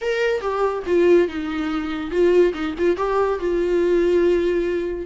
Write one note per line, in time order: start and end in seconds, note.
0.01 0.41 A#4
0.41 0.83 G4
0.86 1.28 F4
1.28 2.10 D#4
2.10 2.53 F4
2.53 2.74 D#4
2.78 2.97 F4
2.97 3.39 G4
3.39 5.06 F4